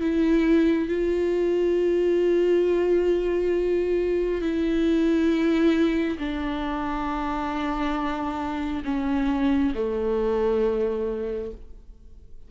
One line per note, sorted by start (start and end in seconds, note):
0.00 0.88 E4
0.88 4.41 F4
4.41 6.18 E4
6.18 8.83 D4
8.84 9.73 C#4
9.74 11.51 A3